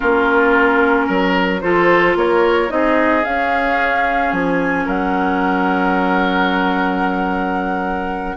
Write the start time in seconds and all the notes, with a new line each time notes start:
0.00 A#3 C#4 F4 A#4
1.06 F#3 A#4
1.60 F3 F4 A4 C5
2.15 A#3 A#4 C#5
2.68 C4 D#4 G#4 D#5
3.23 C#4 F5
4.32 F3 G#5
4.85 F#3 A#4 F#5